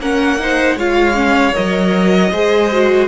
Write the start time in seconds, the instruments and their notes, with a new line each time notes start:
0.00 cello A#3, viola C#4, violin A#4 F#5
0.39 viola D#4, violin C5
0.75 cello G#3, viola F4, violin C#5 F5
1.14 viola C#4
1.54 cello F#3, viola A#4, violin D#5
2.32 cello G#3, viola G#4, violin C5
2.72 viola F#4